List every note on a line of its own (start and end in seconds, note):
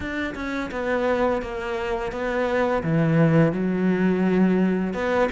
0.00 0.34 D4
0.35 0.70 C#4
0.71 1.41 B3
1.41 2.12 A#3
2.12 2.82 B3
2.83 3.52 E3
3.52 4.93 F#3
4.93 5.29 B3